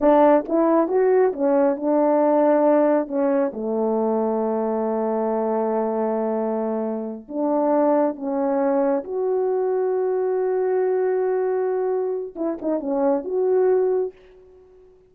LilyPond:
\new Staff \with { instrumentName = "horn" } { \time 4/4 \tempo 4 = 136 d'4 e'4 fis'4 cis'4 | d'2. cis'4 | a1~ | a1~ |
a8 d'2 cis'4.~ | cis'8 fis'2.~ fis'8~ | fis'1 | e'8 dis'8 cis'4 fis'2 | }